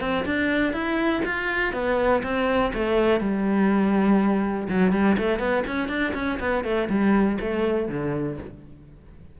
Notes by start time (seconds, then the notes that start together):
0.00 C4
0.25 D4
0.73 E4
1.25 F4
1.73 B3
2.23 C4
2.74 A3
3.20 G3
4.69 F#3
4.92 G3
5.18 A3
5.39 B3
5.67 C#4
5.89 D4
6.14 C#4
6.40 B3
6.64 A3
6.89 G3
7.41 A3
7.89 D3